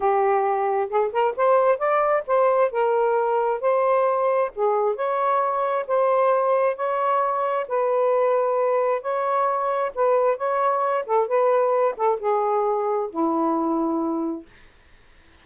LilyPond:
\new Staff \with { instrumentName = "saxophone" } { \time 4/4 \tempo 4 = 133 g'2 gis'8 ais'8 c''4 | d''4 c''4 ais'2 | c''2 gis'4 cis''4~ | cis''4 c''2 cis''4~ |
cis''4 b'2. | cis''2 b'4 cis''4~ | cis''8 a'8 b'4. a'8 gis'4~ | gis'4 e'2. | }